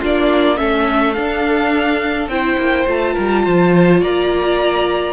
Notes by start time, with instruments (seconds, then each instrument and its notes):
0.00 cello A#3, viola D4, violin F4 D5
0.57 cello A3, viola C#4, violin A4 E5
1.13 viola D4, cello D4, violin F5
2.28 cello C4, viola E4, violin C5 G5
2.58 cello A#3
2.87 cello A3, viola F4, violin A5
3.14 cello G3, violin A#4
3.45 cello F3, violin C5
4.00 cello A#3, violin D5 A#5